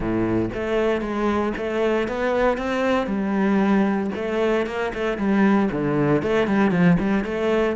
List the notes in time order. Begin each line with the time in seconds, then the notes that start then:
0.00 A2
0.54 A3
1.01 G#3
1.57 A3
2.08 B3
2.57 C4
3.07 G3
4.15 A3
4.66 A#3
4.93 A3
5.17 G3
5.71 D3
6.22 A3
6.47 G3
6.71 F3
6.99 G3
7.24 A3